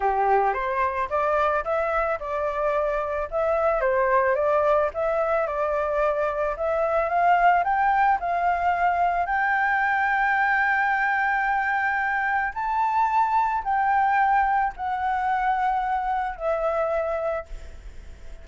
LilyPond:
\new Staff \with { instrumentName = "flute" } { \time 4/4 \tempo 4 = 110 g'4 c''4 d''4 e''4 | d''2 e''4 c''4 | d''4 e''4 d''2 | e''4 f''4 g''4 f''4~ |
f''4 g''2.~ | g''2. a''4~ | a''4 g''2 fis''4~ | fis''2 e''2 | }